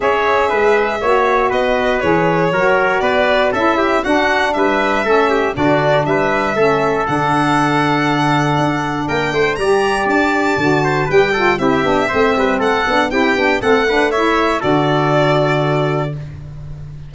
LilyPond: <<
  \new Staff \with { instrumentName = "violin" } { \time 4/4 \tempo 4 = 119 e''2. dis''4 | cis''2 d''4 e''4 | fis''4 e''2 d''4 | e''2 fis''2~ |
fis''2 g''4 ais''4 | a''2 g''4 e''4~ | e''4 fis''4 g''4 fis''4 | e''4 d''2. | }
  \new Staff \with { instrumentName = "trumpet" } { \time 4/4 cis''4 b'4 cis''4 b'4~ | b'4 ais'4 b'4 a'8 g'8 | fis'4 b'4 a'8 g'8 fis'4 | b'4 a'2.~ |
a'2 ais'8 c''8 d''4~ | d''4. c''8 b'8 a'8 g'4 | c''8 b'8 a'4 g'4 a'8 b'8 | cis''4 a'2. | }
  \new Staff \with { instrumentName = "saxophone" } { \time 4/4 gis'2 fis'2 | gis'4 fis'2 e'4 | d'2 cis'4 d'4~ | d'4 cis'4 d'2~ |
d'2. g'4~ | g'4 fis'4 g'8 f'8 e'8 d'8 | c'4. d'8 e'8 d'8 c'8 d'8 | e'4 fis'2. | }
  \new Staff \with { instrumentName = "tuba" } { \time 4/4 cis'4 gis4 ais4 b4 | e4 fis4 b4 cis'4 | d'4 g4 a4 d4 | g4 a4 d2~ |
d4 d'4 ais8 a8 g4 | d'4 d4 g4 c'8 b8 | a8 g8 a8 b8 c'8 b8 a4~ | a4 d2. | }
>>